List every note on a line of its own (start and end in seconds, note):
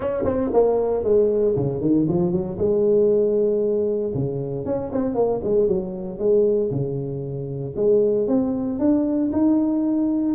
0.00 0.23 C#4
0.24 0.50 C4
0.53 1.03 A#3
1.03 1.55 G#3
1.56 1.81 C#3
1.81 2.06 D#3
2.08 2.31 F3
2.31 2.57 F#3
2.57 4.13 G#3
4.14 4.65 C#3
4.65 4.91 C#4
4.92 5.14 C4
5.14 5.40 A#3
5.43 5.67 G#3
5.67 6.18 F#3
6.18 6.70 G#3
6.71 7.74 C#3
7.76 8.27 G#3
8.27 8.79 C4
8.79 9.31 D4
9.32 10.34 D#4